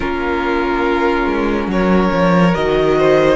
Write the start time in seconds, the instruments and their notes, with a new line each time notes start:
0.00 cello A#3, viola C#4, violin F4 A#4
1.25 cello G#3
1.67 cello F#3, violin A#4 C#5
2.12 cello F3
2.54 cello D#3, viola F#4, violin D#5
2.98 violin C5